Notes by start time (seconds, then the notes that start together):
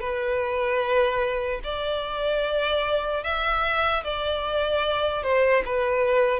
0.00 B4
1.64 D5
3.23 E5
4.04 D5
5.23 C5
5.65 B4